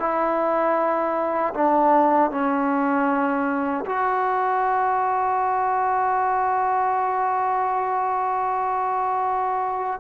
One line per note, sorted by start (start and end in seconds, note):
0.00 1.54 E4
1.54 2.31 D4
2.31 3.85 C#4
3.86 10.00 F#4